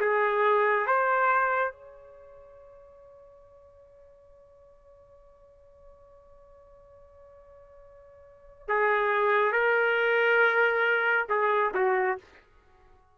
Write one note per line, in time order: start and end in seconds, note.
0.00 0.87 G#4
0.87 1.72 C5
1.72 8.68 C#5
8.68 9.52 G#4
9.52 11.26 A#4
11.29 11.72 G#4
11.74 12.17 F#4